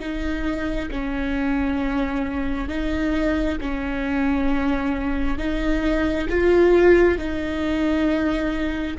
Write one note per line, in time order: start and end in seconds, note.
0.00 0.90 D#4
0.91 2.69 C#4
2.69 3.59 D#4
3.61 5.38 C#4
5.38 6.28 D#4
6.30 7.18 F4
7.18 8.98 D#4